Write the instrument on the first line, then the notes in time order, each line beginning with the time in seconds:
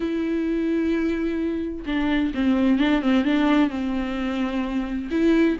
viola
0.00 E4
1.86 D4
2.34 C4
2.79 D4
3.02 C4
3.24 D4
3.70 C4
5.10 E4